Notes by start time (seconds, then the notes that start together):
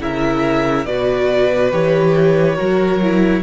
0.00 C#3 E4 A#4 E5
0.86 B2 F#4 B4 D5
1.71 E3 G4 C#5
2.55 F#3 F#4 A#4
3.02 E4